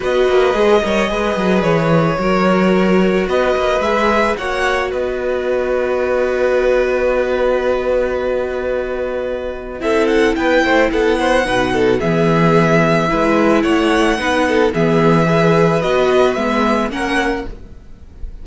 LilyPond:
<<
  \new Staff \with { instrumentName = "violin" } { \time 4/4 \tempo 4 = 110 dis''2. cis''4~ | cis''2 dis''4 e''4 | fis''4 dis''2.~ | dis''1~ |
dis''2 e''8 fis''8 g''4 | fis''2 e''2~ | e''4 fis''2 e''4~ | e''4 dis''4 e''4 fis''4 | }
  \new Staff \with { instrumentName = "violin" } { \time 4/4 b'4. cis''8 b'2 | ais'2 b'2 | cis''4 b'2.~ | b'1~ |
b'2 a'4 b'8 c''8 | a'8 c''8 b'8 a'8 gis'2 | b'4 cis''4 b'8 a'8 gis'4 | b'2. ais'4 | }
  \new Staff \with { instrumentName = "viola" } { \time 4/4 fis'4 gis'8 ais'8 gis'2 | fis'2. gis'4 | fis'1~ | fis'1~ |
fis'2 e'2~ | e'4 dis'4 b2 | e'2 dis'4 b4 | gis'4 fis'4 b4 cis'4 | }
  \new Staff \with { instrumentName = "cello" } { \time 4/4 b8 ais8 gis8 g8 gis8 fis8 e4 | fis2 b8 ais8 gis4 | ais4 b2.~ | b1~ |
b2 c'4 b8 a8 | b4 b,4 e2 | gis4 a4 b4 e4~ | e4 b4 gis4 ais4 | }
>>